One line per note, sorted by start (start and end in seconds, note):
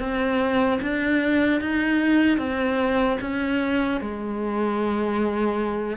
0.00 0.80 C4
0.82 1.61 D4
1.61 2.39 D#4
2.39 3.19 C4
3.21 4.01 C#4
4.01 5.97 G#3